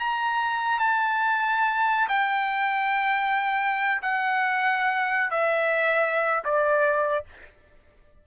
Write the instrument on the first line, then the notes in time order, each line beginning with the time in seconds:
trumpet
0.00 A#5
0.79 A5
2.09 G5
4.03 F#5
5.31 E5
6.45 D5